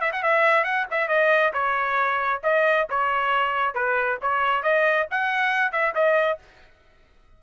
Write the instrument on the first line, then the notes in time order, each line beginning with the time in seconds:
trumpet
0.00 E5
0.12 F#5
0.23 E5
0.64 F#5
0.91 E5
1.08 D#5
1.53 C#5
2.43 D#5
2.89 C#5
3.74 B4
4.22 C#5
4.63 D#5
5.11 F#5
5.72 E5
5.95 D#5